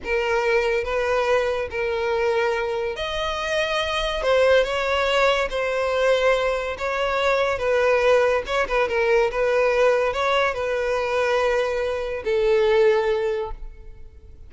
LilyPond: \new Staff \with { instrumentName = "violin" } { \time 4/4 \tempo 4 = 142 ais'2 b'2 | ais'2. dis''4~ | dis''2 c''4 cis''4~ | cis''4 c''2. |
cis''2 b'2 | cis''8 b'8 ais'4 b'2 | cis''4 b'2.~ | b'4 a'2. | }